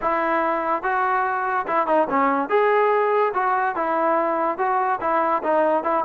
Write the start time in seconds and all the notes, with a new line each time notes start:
0.01 E4
0.82 F#4
1.67 E4
1.87 D#4
2.09 C#4
2.49 G#4
3.34 F#4
3.75 E4
4.57 F#4
5.00 E4
5.43 D#4
5.83 E4